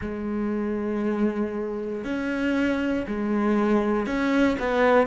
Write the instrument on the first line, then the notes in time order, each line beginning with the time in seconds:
cello
0.00 G#3
2.04 C#4
3.07 G#3
4.06 C#4
4.59 B3